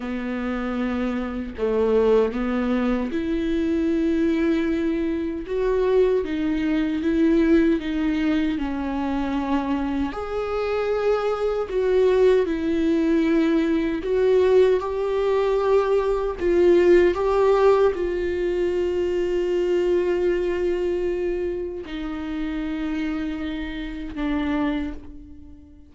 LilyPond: \new Staff \with { instrumentName = "viola" } { \time 4/4 \tempo 4 = 77 b2 a4 b4 | e'2. fis'4 | dis'4 e'4 dis'4 cis'4~ | cis'4 gis'2 fis'4 |
e'2 fis'4 g'4~ | g'4 f'4 g'4 f'4~ | f'1 | dis'2. d'4 | }